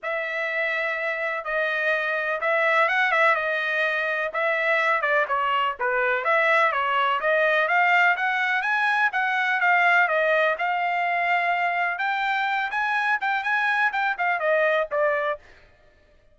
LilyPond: \new Staff \with { instrumentName = "trumpet" } { \time 4/4 \tempo 4 = 125 e''2. dis''4~ | dis''4 e''4 fis''8 e''8 dis''4~ | dis''4 e''4. d''8 cis''4 | b'4 e''4 cis''4 dis''4 |
f''4 fis''4 gis''4 fis''4 | f''4 dis''4 f''2~ | f''4 g''4. gis''4 g''8 | gis''4 g''8 f''8 dis''4 d''4 | }